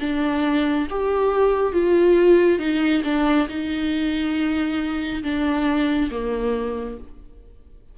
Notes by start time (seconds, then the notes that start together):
0.00 D4
0.90 G4
1.73 F4
2.59 D#4
3.04 D4
3.49 D#4
5.23 D4
6.11 A#3